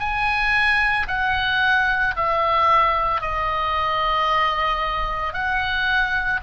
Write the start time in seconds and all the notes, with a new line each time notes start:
0.00 G#5
1.08 F#5
2.16 E5
3.21 D#5
5.33 F#5